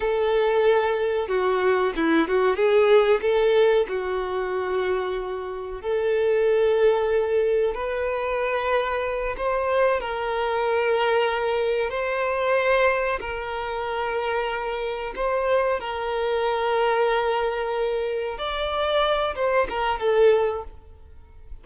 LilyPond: \new Staff \with { instrumentName = "violin" } { \time 4/4 \tempo 4 = 93 a'2 fis'4 e'8 fis'8 | gis'4 a'4 fis'2~ | fis'4 a'2. | b'2~ b'8 c''4 ais'8~ |
ais'2~ ais'8 c''4.~ | c''8 ais'2. c''8~ | c''8 ais'2.~ ais'8~ | ais'8 d''4. c''8 ais'8 a'4 | }